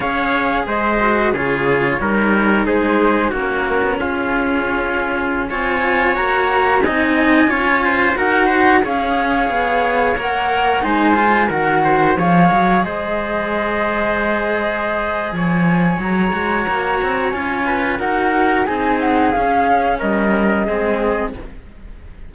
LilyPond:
<<
  \new Staff \with { instrumentName = "flute" } { \time 4/4 \tempo 4 = 90 f''4 dis''4 cis''2 | c''4 ais'4 gis'2~ | gis'16 gis''4 ais''4 gis''4.~ gis''16~ | gis''16 fis''4 f''2 fis''8.~ |
fis''16 gis''4 fis''4 f''4 dis''8.~ | dis''2. gis''4 | ais''2 gis''4 fis''4 | gis''8 fis''8 f''4 dis''2 | }
  \new Staff \with { instrumentName = "trumpet" } { \time 4/4 cis''4 c''4 gis'4 ais'4 | gis'4 fis'4 f'2~ | f'16 cis''2 dis''4 cis''8 c''16~ | c''16 ais'8 c''8 cis''2~ cis''8.~ |
cis''16 c''4 ais'8 c''8 cis''4 c''8.~ | c''2. cis''4~ | cis''2~ cis''8 b'8 ais'4 | gis'2 ais'4 gis'4 | }
  \new Staff \with { instrumentName = "cello" } { \time 4/4 gis'4. fis'8 f'4 dis'4~ | dis'4 cis'2.~ | cis'16 f'4 fis'4 dis'4 f'8.~ | f'16 fis'4 gis'2 ais'8.~ |
ais'16 dis'8 f'8 fis'4 gis'4.~ gis'16~ | gis'1~ | gis'8 fis'4. f'4 fis'4 | dis'4 cis'2 c'4 | }
  \new Staff \with { instrumentName = "cello" } { \time 4/4 cis'4 gis4 cis4 g4 | gis4 ais8. b16 cis'2~ | cis'16 c'4 ais4 c'4 cis'8.~ | cis'16 dis'4 cis'4 b4 ais8.~ |
ais16 gis4 dis4 f8 fis8 gis8.~ | gis2. f4 | fis8 gis8 ais8 c'8 cis'4 dis'4 | c'4 cis'4 g4 gis4 | }
>>